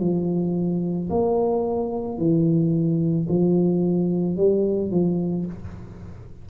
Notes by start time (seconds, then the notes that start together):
0.00 F3
1.10 A#3
2.18 E3
3.29 F3
4.37 G3
4.91 F3